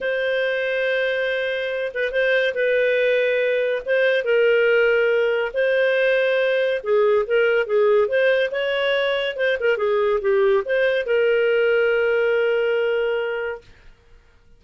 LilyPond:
\new Staff \with { instrumentName = "clarinet" } { \time 4/4 \tempo 4 = 141 c''1~ | c''8 b'8 c''4 b'2~ | b'4 c''4 ais'2~ | ais'4 c''2. |
gis'4 ais'4 gis'4 c''4 | cis''2 c''8 ais'8 gis'4 | g'4 c''4 ais'2~ | ais'1 | }